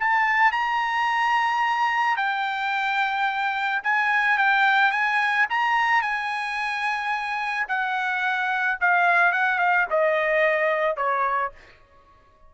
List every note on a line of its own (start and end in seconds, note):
0.00 0.52 A5
0.52 2.17 A#5
2.17 3.82 G5
3.84 4.38 G#5
4.38 4.92 G5
4.92 5.47 G#5
5.50 6.02 A#5
6.02 7.67 G#5
7.69 8.79 F#5
8.81 9.33 F5
9.33 9.59 F#5
9.59 9.87 F5
9.91 10.97 D#5
10.97 11.52 C#5